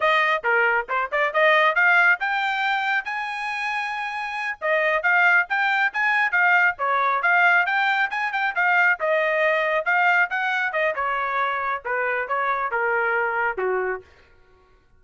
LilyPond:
\new Staff \with { instrumentName = "trumpet" } { \time 4/4 \tempo 4 = 137 dis''4 ais'4 c''8 d''8 dis''4 | f''4 g''2 gis''4~ | gis''2~ gis''8 dis''4 f''8~ | f''8 g''4 gis''4 f''4 cis''8~ |
cis''8 f''4 g''4 gis''8 g''8 f''8~ | f''8 dis''2 f''4 fis''8~ | fis''8 dis''8 cis''2 b'4 | cis''4 ais'2 fis'4 | }